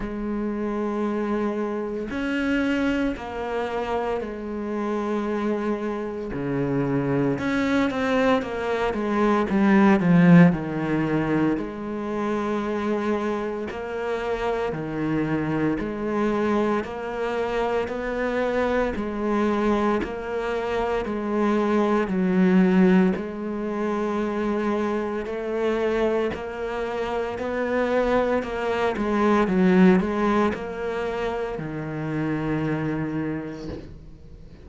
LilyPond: \new Staff \with { instrumentName = "cello" } { \time 4/4 \tempo 4 = 57 gis2 cis'4 ais4 | gis2 cis4 cis'8 c'8 | ais8 gis8 g8 f8 dis4 gis4~ | gis4 ais4 dis4 gis4 |
ais4 b4 gis4 ais4 | gis4 fis4 gis2 | a4 ais4 b4 ais8 gis8 | fis8 gis8 ais4 dis2 | }